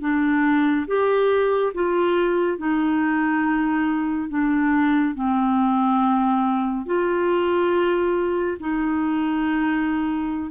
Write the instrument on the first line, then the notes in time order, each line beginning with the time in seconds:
clarinet
0.00 D4
0.86 G4
1.74 F4
2.58 D#4
4.29 D4
5.14 C4
6.86 F4
8.59 D#4